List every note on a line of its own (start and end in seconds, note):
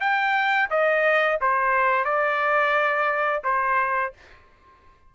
0.00 0.69 G5
0.70 1.39 D#5
1.41 2.04 C5
2.04 3.42 D5
3.44 4.13 C5